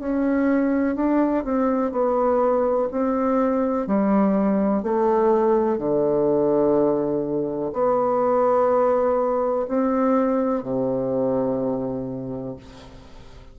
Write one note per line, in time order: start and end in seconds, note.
0.00 0.96 C#4
0.96 1.45 D4
1.45 1.92 C4
1.92 2.89 B3
2.92 3.87 C4
3.87 4.83 G3
4.83 5.78 A3
5.78 7.72 D3
7.73 9.67 B3
9.68 10.63 C4
10.63 12.57 C3